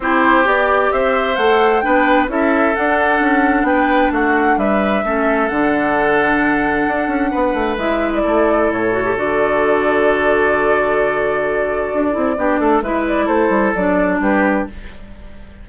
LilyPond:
<<
  \new Staff \with { instrumentName = "flute" } { \time 4/4 \tempo 4 = 131 c''4 d''4 e''4 fis''4 | g''4 e''4 fis''2 | g''4 fis''4 e''2 | fis''1~ |
fis''4 e''8. d''4~ d''16 cis''4 | d''1~ | d''1 | e''8 d''8 c''4 d''4 b'4 | }
  \new Staff \with { instrumentName = "oboe" } { \time 4/4 g'2 c''2 | b'4 a'2. | b'4 fis'4 b'4 a'4~ | a'1 |
b'2 a'2~ | a'1~ | a'2. g'8 a'8 | b'4 a'2 g'4 | }
  \new Staff \with { instrumentName = "clarinet" } { \time 4/4 e'4 g'2 a'4 | d'4 e'4 d'2~ | d'2. cis'4 | d'1~ |
d'4 e'2~ e'8 fis'16 g'16 | fis'1~ | fis'2~ fis'8 e'8 d'4 | e'2 d'2 | }
  \new Staff \with { instrumentName = "bassoon" } { \time 4/4 c'4 b4 c'4 a4 | b4 cis'4 d'4 cis'4 | b4 a4 g4 a4 | d2. d'8 cis'8 |
b8 a8 gis4 a4 a,4 | d1~ | d2 d'8 c'8 b8 a8 | gis4 a8 g8 fis4 g4 | }
>>